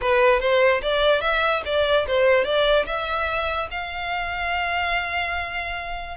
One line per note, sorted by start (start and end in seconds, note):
0.01 0.40 B4
0.40 0.81 C5
0.81 1.21 D5
1.21 1.62 E5
1.65 2.06 D5
2.07 2.44 C5
2.44 2.85 D5
2.86 3.68 E5
3.70 6.17 F5